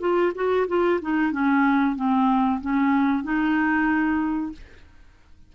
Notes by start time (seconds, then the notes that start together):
0.00 F4
0.35 F#4
0.68 F4
1.01 D#4
1.31 C#4
1.96 C4
2.61 C#4
3.23 D#4